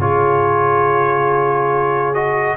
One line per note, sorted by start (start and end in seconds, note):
0.00 2.57 C#3
0.00 2.15 F4
0.00 2.57 G#4
0.00 2.14 C#5
2.14 2.57 F#4
2.14 2.57 D#5